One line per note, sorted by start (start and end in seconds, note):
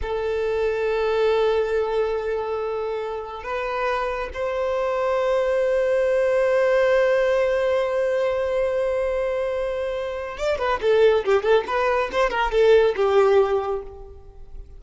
0.02 3.43 A4
3.43 4.29 B4
4.33 10.37 C5
10.37 10.58 D5
10.58 10.80 B4
10.81 11.24 A4
11.24 11.43 G4
11.43 11.64 A4
11.66 12.10 B4
12.12 12.30 C5
12.30 12.51 A#4
12.51 12.94 A4
12.96 13.82 G4